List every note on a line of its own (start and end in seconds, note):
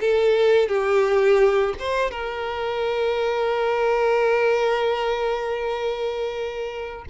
0.00 0.68 A4
0.68 1.74 G4
1.79 2.10 C5
2.10 7.05 A#4